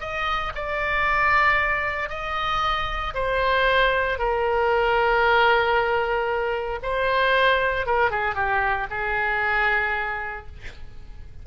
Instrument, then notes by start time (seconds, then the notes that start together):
oboe
0.00 D#5
0.55 D5
2.09 D#5
3.14 C5
4.18 A#4
6.82 C5
7.86 A#4
8.10 G#4
8.35 G4
8.90 G#4